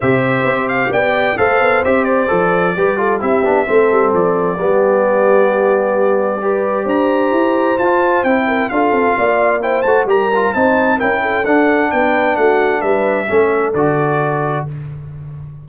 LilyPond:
<<
  \new Staff \with { instrumentName = "trumpet" } { \time 4/4 \tempo 4 = 131 e''4. f''8 g''4 f''4 | e''8 d''2~ d''8 e''4~ | e''4 d''2.~ | d''2. ais''4~ |
ais''4 a''4 g''4 f''4~ | f''4 g''8 a''8 ais''4 a''4 | g''4 fis''4 g''4 fis''4 | e''2 d''2 | }
  \new Staff \with { instrumentName = "horn" } { \time 4/4 c''2 d''4 c''4~ | c''2 b'8 a'8 g'4 | a'2 g'2~ | g'2 b'4 c''4~ |
c''2~ c''8 ais'8 a'4 | d''4 c''4 ais'4 c''4 | ais'8 a'4. b'4 fis'4 | b'4 a'2. | }
  \new Staff \with { instrumentName = "trombone" } { \time 4/4 g'2. a'4 | g'4 a'4 g'8 f'8 e'8 d'8 | c'2 b2~ | b2 g'2~ |
g'4 f'4 e'4 f'4~ | f'4 e'8 fis'8 g'8 f'8 dis'4 | e'4 d'2.~ | d'4 cis'4 fis'2 | }
  \new Staff \with { instrumentName = "tuba" } { \time 4/4 c4 c'4 b4 a8 b8 | c'4 f4 g4 c'8 b8 | a8 g8 f4 g2~ | g2. d'4 |
e'4 f'4 c'4 d'8 c'8 | ais4. a8 g4 c'4 | cis'4 d'4 b4 a4 | g4 a4 d2 | }
>>